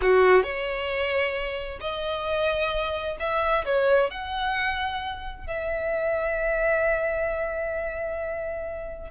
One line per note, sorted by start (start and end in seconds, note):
0.01 0.43 F#4
0.43 1.79 C#5
1.80 3.17 D#5
3.19 3.65 E5
3.65 4.10 C#5
4.10 5.46 F#5
5.46 9.10 E5